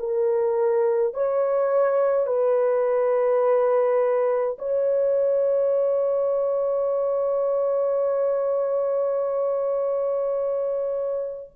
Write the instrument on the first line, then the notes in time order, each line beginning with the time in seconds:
horn
0.00 A#4
1.14 C#5
2.27 B4
4.59 C#5